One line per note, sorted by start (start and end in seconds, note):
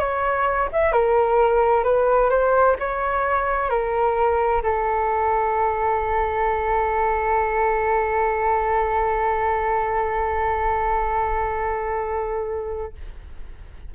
0.00 0.69 C#5
0.73 0.93 E5
0.93 1.84 A#4
1.84 2.30 B4
2.30 2.77 C5
2.80 3.70 C#5
3.70 4.62 A#4
4.63 12.94 A4